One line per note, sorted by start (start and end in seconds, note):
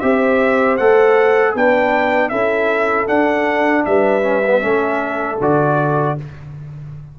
0.00 0.80 C4
0.00 0.79 G4
0.00 1.54 C5
0.00 0.77 E5
0.77 1.55 A3
0.77 1.57 A4
0.77 1.54 F#5
1.54 2.32 B3
1.54 2.31 D4
1.54 2.31 B4
1.54 2.29 G5
2.29 3.08 C#4
2.29 3.07 E4
2.29 3.85 A4
2.29 3.06 E5
3.07 4.22 D4
3.07 3.86 D4
3.07 3.85 F#5
3.85 4.63 G3
3.85 4.64 B4
3.85 5.39 E5
4.23 4.42 C#4
4.46 4.61 B3
4.61 5.40 A3
4.61 5.38 C#4
4.61 6.18 A4
5.41 6.18 D3
5.41 6.18 F#4
5.41 6.19 D5